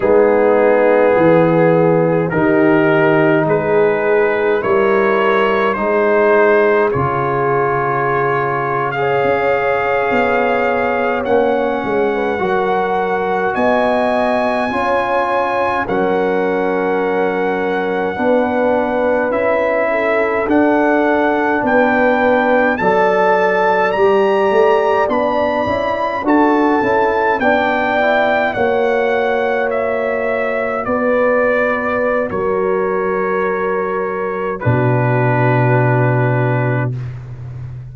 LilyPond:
<<
  \new Staff \with { instrumentName = "trumpet" } { \time 4/4 \tempo 4 = 52 gis'2 ais'4 b'4 | cis''4 c''4 cis''4.~ cis''16 f''16~ | f''4.~ f''16 fis''2 gis''16~ | gis''4.~ gis''16 fis''2~ fis''16~ |
fis''8. e''4 fis''4 g''4 a''16~ | a''8. ais''4 b''4 a''4 g''16~ | g''8. fis''4 e''4 d''4~ d''16 | cis''2 b'2 | }
  \new Staff \with { instrumentName = "horn" } { \time 4/4 dis'4 gis'4 g'4 gis'4 | ais'4 gis'2~ gis'8. cis''16~ | cis''2~ cis''8 b'16 ais'4 dis''16~ | dis''8. cis''4 ais'2 b'16~ |
b'4~ b'16 a'4. b'4 d''16~ | d''2~ d''8. a'4 d''16~ | d''8. cis''2 b'4~ b'16 | ais'2 fis'2 | }
  \new Staff \with { instrumentName = "trombone" } { \time 4/4 b2 dis'2 | e'4 dis'4 f'4.~ f'16 gis'16~ | gis'4.~ gis'16 cis'4 fis'4~ fis'16~ | fis'8. f'4 cis'2 d'16~ |
d'8. e'4 d'2 a'16~ | a'8. g'4 d'8 e'8 fis'8 e'8 d'16~ | d'16 e'8 fis'2.~ fis'16~ | fis'2 d'2 | }
  \new Staff \with { instrumentName = "tuba" } { \time 4/4 gis4 e4 dis4 gis4 | g4 gis4 cis2 | cis'8. b4 ais8 gis8 fis4 b16~ | b8. cis'4 fis2 b16~ |
b8. cis'4 d'4 b4 fis16~ | fis8. g8 a8 b8 cis'8 d'8 cis'8 b16~ | b8. ais2 b4~ b16 | fis2 b,2 | }
>>